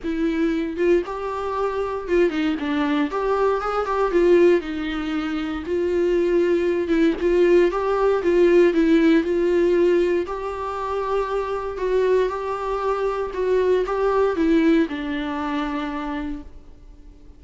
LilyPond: \new Staff \with { instrumentName = "viola" } { \time 4/4 \tempo 4 = 117 e'4. f'8 g'2 | f'8 dis'8 d'4 g'4 gis'8 g'8 | f'4 dis'2 f'4~ | f'4. e'8 f'4 g'4 |
f'4 e'4 f'2 | g'2. fis'4 | g'2 fis'4 g'4 | e'4 d'2. | }